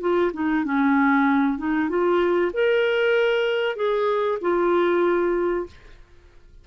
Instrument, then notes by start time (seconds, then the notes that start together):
clarinet
0.00 F4
0.33 D#4
0.64 C#4
1.58 D#4
1.89 F4
2.53 A#4
3.76 G#4
4.41 F4